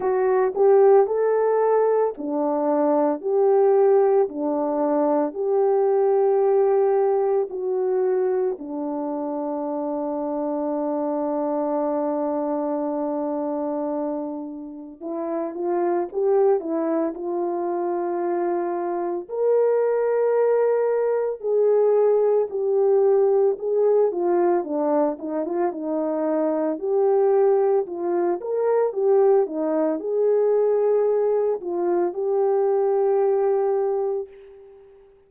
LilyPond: \new Staff \with { instrumentName = "horn" } { \time 4/4 \tempo 4 = 56 fis'8 g'8 a'4 d'4 g'4 | d'4 g'2 fis'4 | d'1~ | d'2 e'8 f'8 g'8 e'8 |
f'2 ais'2 | gis'4 g'4 gis'8 f'8 d'8 dis'16 f'16 | dis'4 g'4 f'8 ais'8 g'8 dis'8 | gis'4. f'8 g'2 | }